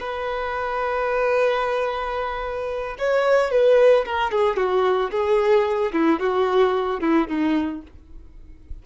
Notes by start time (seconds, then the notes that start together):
0.00 B4
2.99 C#5
3.51 B4
4.06 A#4
4.32 G#4
4.57 F#4
5.11 G#4
5.93 E4
6.20 F#4
7.01 E4
7.28 D#4